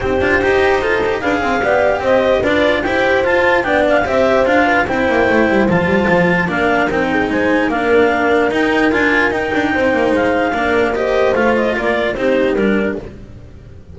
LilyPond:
<<
  \new Staff \with { instrumentName = "clarinet" } { \time 4/4 \tempo 4 = 148 c''2. f''4~ | f''4 dis''4 d''4 g''4 | a''4 g''8 f''8 e''4 f''4 | g''2 a''2 |
f''4 g''4 gis''4 f''4~ | f''4 g''4 gis''4 g''4~ | g''4 f''2 dis''4 | f''8 dis''8 d''4 c''4 ais'4 | }
  \new Staff \with { instrumentName = "horn" } { \time 4/4 g'2 a'4 b'8 c''8 | d''4 c''4 b'4 c''4~ | c''4 d''4 c''4. b'8 | c''1 |
ais'4. gis'8 c''4 ais'4~ | ais'1 | c''2 ais'4 c''4~ | c''4 ais'4 g'2 | }
  \new Staff \with { instrumentName = "cello" } { \time 4/4 dis'8 f'8 g'4 f'8 g'8 gis'4 | g'2 f'4 g'4 | f'4 d'4 g'4 f'4 | e'2 f'2 |
d'4 dis'2 d'4~ | d'4 dis'4 f'4 dis'4~ | dis'2 d'4 g'4 | f'2 dis'4 d'4 | }
  \new Staff \with { instrumentName = "double bass" } { \time 4/4 c'8 d'8 dis'2 d'8 c'8 | b4 c'4 d'4 e'4 | f'4 b4 c'4 d'4 | c'8 ais8 a8 g8 f8 g8 f4 |
ais4 c'4 gis4 ais4~ | ais4 dis'4 d'4 dis'8 d'8 | c'8 ais8 gis4 ais2 | a4 ais4 c'4 g4 | }
>>